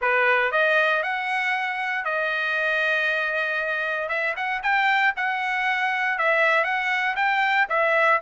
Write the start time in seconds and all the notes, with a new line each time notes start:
0.01 B4
0.51 D#5
1.03 F#5
2.04 D#5
4.09 E5
4.36 F#5
4.62 G5
5.16 F#5
6.18 E5
6.64 F#5
7.16 G5
7.69 E5